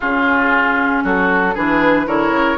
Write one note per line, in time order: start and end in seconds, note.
0.00 1.03 C#3
0.00 1.55 C#4
0.00 1.03 F4
0.00 1.04 G#4
1.03 1.55 F#3
1.03 1.54 F#4
1.03 1.56 A4
1.54 2.06 E3
1.54 2.06 D4
1.54 2.06 G#4
1.54 2.07 B4
2.06 2.30 D3
2.06 2.57 E4
2.06 2.57 A#4
2.06 2.57 C#5
2.30 2.55 C#3